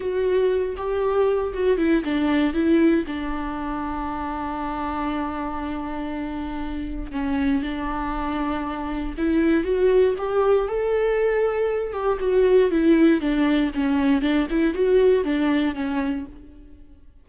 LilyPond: \new Staff \with { instrumentName = "viola" } { \time 4/4 \tempo 4 = 118 fis'4. g'4. fis'8 e'8 | d'4 e'4 d'2~ | d'1~ | d'2 cis'4 d'4~ |
d'2 e'4 fis'4 | g'4 a'2~ a'8 g'8 | fis'4 e'4 d'4 cis'4 | d'8 e'8 fis'4 d'4 cis'4 | }